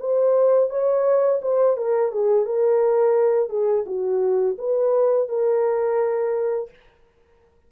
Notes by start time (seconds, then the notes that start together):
0.00 C5
0.70 C#5
1.42 C5
1.77 A#4
2.12 G#4
2.45 A#4
3.49 G#4
3.86 F#4
4.58 B4
5.28 A#4